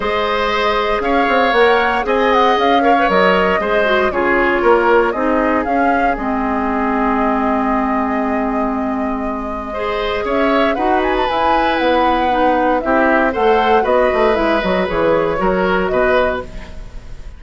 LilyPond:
<<
  \new Staff \with { instrumentName = "flute" } { \time 4/4 \tempo 4 = 117 dis''2 f''4 fis''4 | gis''8 fis''8 f''4 dis''2 | cis''2 dis''4 f''4 | dis''1~ |
dis''1 | e''4 fis''8 gis''16 a''16 gis''4 fis''4~ | fis''4 e''4 fis''4 dis''4 | e''8 dis''8 cis''2 dis''4 | }
  \new Staff \with { instrumentName = "oboe" } { \time 4/4 c''2 cis''2 | dis''4. cis''4. c''4 | gis'4 ais'4 gis'2~ | gis'1~ |
gis'2. c''4 | cis''4 b'2.~ | b'4 g'4 c''4 b'4~ | b'2 ais'4 b'4 | }
  \new Staff \with { instrumentName = "clarinet" } { \time 4/4 gis'2. ais'4 | gis'4. ais'16 b'16 ais'4 gis'8 fis'8 | f'2 dis'4 cis'4 | c'1~ |
c'2. gis'4~ | gis'4 fis'4 e'2 | dis'4 e'4 a'4 fis'4 | e'8 fis'8 gis'4 fis'2 | }
  \new Staff \with { instrumentName = "bassoon" } { \time 4/4 gis2 cis'8 c'8 ais4 | c'4 cis'4 fis4 gis4 | cis4 ais4 c'4 cis'4 | gis1~ |
gis1 | cis'4 dis'4 e'4 b4~ | b4 c'4 a4 b8 a8 | gis8 fis8 e4 fis4 b,4 | }
>>